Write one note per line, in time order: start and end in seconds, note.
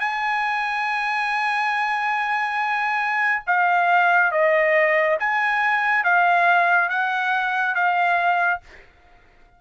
0.00 3.43 G#5
3.47 4.32 F5
4.32 5.17 D#5
5.20 6.04 G#5
6.04 6.90 F5
6.90 7.75 F#5
7.75 8.61 F5